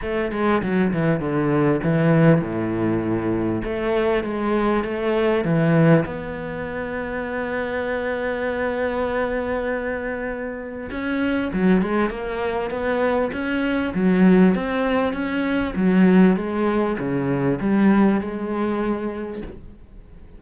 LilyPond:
\new Staff \with { instrumentName = "cello" } { \time 4/4 \tempo 4 = 99 a8 gis8 fis8 e8 d4 e4 | a,2 a4 gis4 | a4 e4 b2~ | b1~ |
b2 cis'4 fis8 gis8 | ais4 b4 cis'4 fis4 | c'4 cis'4 fis4 gis4 | cis4 g4 gis2 | }